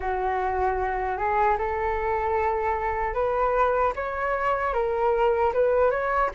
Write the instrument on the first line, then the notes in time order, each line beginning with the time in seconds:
flute
0.00 F#4
1.17 G#4
1.58 A4
3.14 B4
3.95 C#5
4.73 A#4
5.53 B4
5.90 C#5